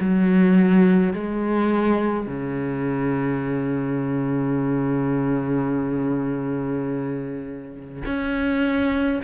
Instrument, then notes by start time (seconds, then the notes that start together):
cello
0.00 F#3
1.13 G#3
2.26 C#3
8.05 C#4